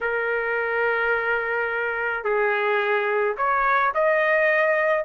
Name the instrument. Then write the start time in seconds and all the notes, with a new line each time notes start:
trumpet
0.01 A#4
2.24 G#4
3.37 C#5
3.94 D#5